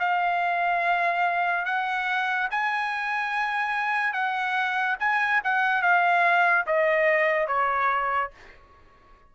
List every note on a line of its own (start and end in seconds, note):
0.00 1.65 F5
1.65 2.48 F#5
2.51 4.13 G#5
4.13 4.97 F#5
5.00 5.42 G#5
5.44 5.82 F#5
5.82 6.66 F5
6.67 7.48 D#5
7.48 8.31 C#5